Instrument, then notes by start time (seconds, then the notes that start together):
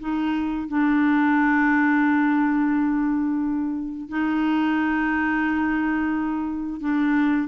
clarinet
0.00 D#4
0.68 D4
4.09 D#4
6.81 D4